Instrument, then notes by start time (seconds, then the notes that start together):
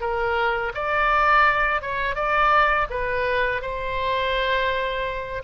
oboe
0.00 A#4
0.74 D5
1.81 C#5
2.15 D5
2.90 B4
3.61 C5